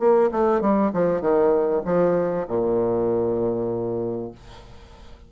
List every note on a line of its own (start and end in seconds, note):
0.00 0.31 A#3
0.32 0.62 A3
0.62 0.92 G3
0.94 1.21 F3
1.21 1.83 D#3
1.86 2.47 F3
2.49 4.32 A#2